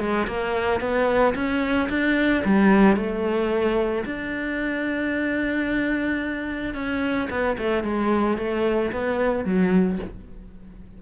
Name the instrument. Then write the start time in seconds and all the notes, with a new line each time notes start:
cello
0.00 G#3
0.27 A#3
0.81 B3
1.35 C#4
1.89 D4
2.45 G3
2.96 A3
4.05 D4
6.75 C#4
7.30 B3
7.58 A3
7.84 G#3
8.38 A3
8.92 B3
9.45 F#3